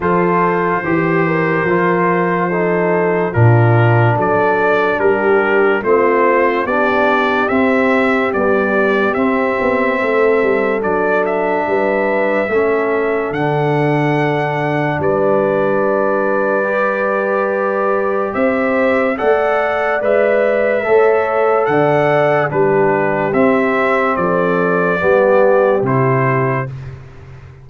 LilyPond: <<
  \new Staff \with { instrumentName = "trumpet" } { \time 4/4 \tempo 4 = 72 c''1 | ais'4 d''4 ais'4 c''4 | d''4 e''4 d''4 e''4~ | e''4 d''8 e''2~ e''8 |
fis''2 d''2~ | d''2 e''4 fis''4 | e''2 fis''4 b'4 | e''4 d''2 c''4 | }
  \new Staff \with { instrumentName = "horn" } { \time 4/4 a'4 g'8 ais'4. a'4 | f'4 a'4 g'4 f'4 | g'1 | a'2 b'4 a'4~ |
a'2 b'2~ | b'2 c''4 d''4~ | d''4 cis''4 d''4 g'4~ | g'4 a'4 g'2 | }
  \new Staff \with { instrumentName = "trombone" } { \time 4/4 f'4 g'4 f'4 dis'4 | d'2. c'4 | d'4 c'4 g4 c'4~ | c'4 d'2 cis'4 |
d'1 | g'2. a'4 | b'4 a'2 d'4 | c'2 b4 e'4 | }
  \new Staff \with { instrumentName = "tuba" } { \time 4/4 f4 e4 f2 | ais,4 fis4 g4 a4 | b4 c'4 b4 c'8 b8 | a8 g8 fis4 g4 a4 |
d2 g2~ | g2 c'4 a4 | gis4 a4 d4 g4 | c'4 f4 g4 c4 | }
>>